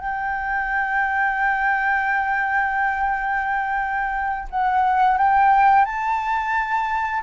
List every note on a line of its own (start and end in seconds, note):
0.00 4.48 G5
4.50 5.18 F#5
5.18 5.85 G5
5.85 7.23 A5